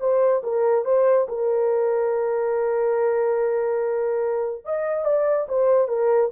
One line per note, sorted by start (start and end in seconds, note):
0.00 0.42 C5
0.43 0.85 A#4
0.85 1.28 C5
1.29 4.65 A#4
4.65 5.05 D#5
5.05 5.47 D5
5.49 5.88 C5
5.88 6.31 A#4